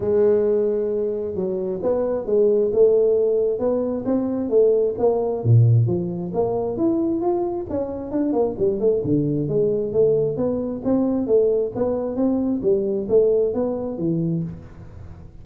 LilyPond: \new Staff \with { instrumentName = "tuba" } { \time 4/4 \tempo 4 = 133 gis2. fis4 | b4 gis4 a2 | b4 c'4 a4 ais4 | ais,4 f4 ais4 e'4 |
f'4 cis'4 d'8 ais8 g8 a8 | d4 gis4 a4 b4 | c'4 a4 b4 c'4 | g4 a4 b4 e4 | }